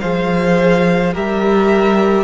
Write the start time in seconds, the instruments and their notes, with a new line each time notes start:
0.00 cello F3, viola G#4, violin C5 F5
1.13 cello G3, viola G4, violin A#4 E5